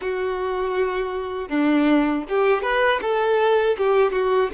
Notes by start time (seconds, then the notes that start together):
0.01 F#4
1.49 D4
2.28 G4
2.62 B4
3.01 A4
3.77 G4
4.12 F#4